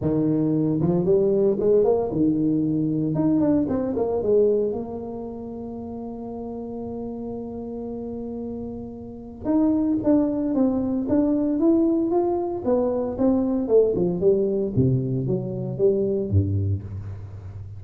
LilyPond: \new Staff \with { instrumentName = "tuba" } { \time 4/4 \tempo 4 = 114 dis4. f8 g4 gis8 ais8 | dis2 dis'8 d'8 c'8 ais8 | gis4 ais2.~ | ais1~ |
ais2 dis'4 d'4 | c'4 d'4 e'4 f'4 | b4 c'4 a8 f8 g4 | c4 fis4 g4 g,4 | }